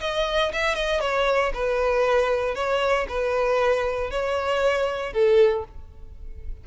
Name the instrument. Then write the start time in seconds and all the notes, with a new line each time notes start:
violin
0.00 D#5
0.52 E5
0.75 D#5
1.00 C#5
1.54 B4
2.55 C#5
3.08 B4
4.10 C#5
5.13 A4